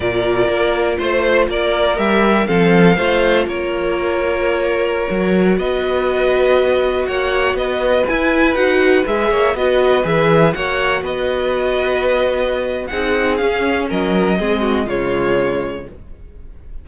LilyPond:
<<
  \new Staff \with { instrumentName = "violin" } { \time 4/4 \tempo 4 = 121 d''2 c''4 d''4 | e''4 f''2 cis''4~ | cis''2.~ cis''16 dis''8.~ | dis''2~ dis''16 fis''4 dis''8.~ |
dis''16 gis''4 fis''4 e''4 dis''8.~ | dis''16 e''4 fis''4 dis''4.~ dis''16~ | dis''2 fis''4 f''4 | dis''2 cis''2 | }
  \new Staff \with { instrumentName = "violin" } { \time 4/4 ais'2 c''4 ais'4~ | ais'4 a'4 c''4 ais'4~ | ais'2.~ ais'16 b'8.~ | b'2~ b'16 cis''4 b'8.~ |
b'2~ b'8. cis''8 b'8.~ | b'4~ b'16 cis''4 b'4.~ b'16~ | b'2 gis'2 | ais'4 gis'8 fis'8 f'2 | }
  \new Staff \with { instrumentName = "viola" } { \time 4/4 f'1 | g'4 c'4 f'2~ | f'2~ f'16 fis'4.~ fis'16~ | fis'1~ |
fis'16 e'4 fis'4 gis'4 fis'8.~ | fis'16 gis'4 fis'2~ fis'8.~ | fis'2 dis'4 cis'4~ | cis'4 c'4 gis2 | }
  \new Staff \with { instrumentName = "cello" } { \time 4/4 ais,4 ais4 a4 ais4 | g4 f4 a4 ais4~ | ais2~ ais16 fis4 b8.~ | b2~ b16 ais4 b8.~ |
b16 e'4 dis'4 gis8 ais8 b8.~ | b16 e4 ais4 b4.~ b16~ | b2 c'4 cis'4 | fis4 gis4 cis2 | }
>>